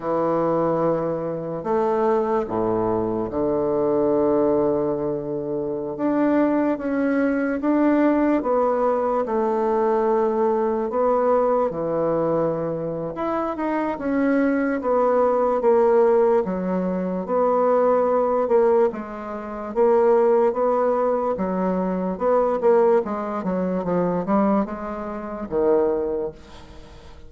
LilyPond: \new Staff \with { instrumentName = "bassoon" } { \time 4/4 \tempo 4 = 73 e2 a4 a,4 | d2.~ d16 d'8.~ | d'16 cis'4 d'4 b4 a8.~ | a4~ a16 b4 e4.~ e16 |
e'8 dis'8 cis'4 b4 ais4 | fis4 b4. ais8 gis4 | ais4 b4 fis4 b8 ais8 | gis8 fis8 f8 g8 gis4 dis4 | }